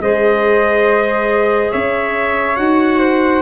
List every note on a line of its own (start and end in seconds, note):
0.00 1.71 G#3
0.00 2.56 G#4
0.00 1.72 C5
0.00 1.72 D#5
1.72 2.59 C#4
1.72 3.00 C#5
1.72 2.57 E5
2.56 3.43 D#4
2.56 3.42 F#4
2.56 3.42 F#5
3.00 3.43 C5